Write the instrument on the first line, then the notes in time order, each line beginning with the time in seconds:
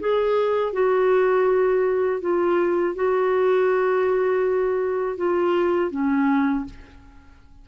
clarinet
0.00 G#4
0.73 F#4
2.21 F4
2.95 F#4
5.17 F4
5.91 C#4